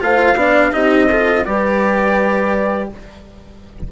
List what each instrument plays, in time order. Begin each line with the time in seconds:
0.00 bassoon A3, cello F4, horn C5, trumpet F5
0.35 bassoon B3, cello D4, horn D5
0.72 bassoon C4, cello D#4, horn G4, trumpet D#5
1.09 cello F4, horn A4
1.44 bassoon G3, cello G4, horn B4, trumpet D5